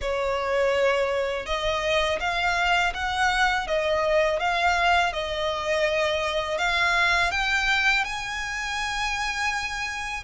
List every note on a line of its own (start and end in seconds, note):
0.01 1.46 C#5
1.46 2.19 D#5
2.20 2.93 F5
2.93 3.67 F#5
3.67 4.39 D#5
4.39 5.13 F5
5.13 6.58 D#5
6.58 7.31 F5
7.31 8.04 G5
8.04 10.23 G#5